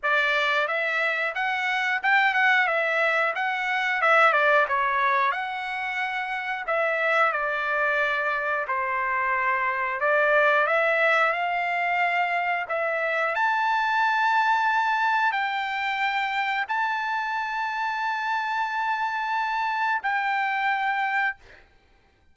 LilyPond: \new Staff \with { instrumentName = "trumpet" } { \time 4/4 \tempo 4 = 90 d''4 e''4 fis''4 g''8 fis''8 | e''4 fis''4 e''8 d''8 cis''4 | fis''2 e''4 d''4~ | d''4 c''2 d''4 |
e''4 f''2 e''4 | a''2. g''4~ | g''4 a''2.~ | a''2 g''2 | }